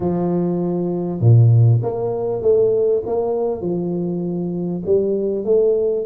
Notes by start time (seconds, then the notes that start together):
0.00 F3
1.20 A#2
1.82 A#3
2.41 A3
3.06 A#3
3.61 F3
4.85 G3
5.44 A3